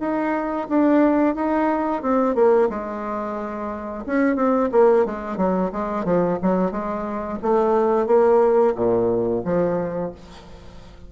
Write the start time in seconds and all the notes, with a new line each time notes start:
0.00 D#4
0.69 D4
1.35 D#4
2.02 C4
2.35 A#3
2.69 G#3
4.07 C#4
4.36 C4
4.72 A#3
5.06 G#3
5.37 F#3
5.73 G#3
6.05 F3
6.42 F#3
6.72 G#3
7.42 A3
8.07 A#3
8.75 A#2
9.45 F3